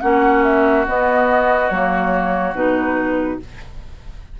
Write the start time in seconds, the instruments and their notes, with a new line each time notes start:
0.00 bassoon A#3, clarinet C#4, oboe F#4, flute F#5
0.43 flute E5
0.87 clarinet B3, bassoon B3, flute D#5
1.70 bassoon F#3, clarinet A#3, flute C#5
2.53 bassoon B2, clarinet D#4, flute B4